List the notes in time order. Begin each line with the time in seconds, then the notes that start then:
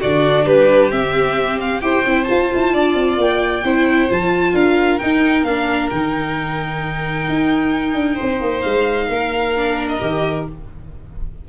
0.00 D3 D4 F#4 D5
0.46 G3 G4 B4
0.91 C4 E5
1.60 F5
1.81 E4 G4 C5 G5
2.06 C4 E4
2.24 F4 A5
2.30 F4
2.55 E4
2.73 D4 D5
2.94 C4
3.17 A#3 G5
3.64 C4 E4 C5
4.09 F3 F4 A5
4.52 D4 A#4 F5
4.99 D#4 G5
5.43 A#3 D4 F5
5.90 D#3 D#4 G5
7.28 D#4
7.94 D4
8.14 C5
8.21 C4
8.41 A#3
8.61 G#3 F5
9.09 A#3 A#4
9.56 D4
9.88 D#5
10.00 D#3 G4